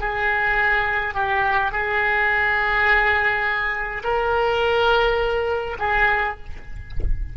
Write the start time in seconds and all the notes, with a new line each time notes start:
0.00 G#4
1.14 G4
1.72 G#4
4.04 A#4
5.79 G#4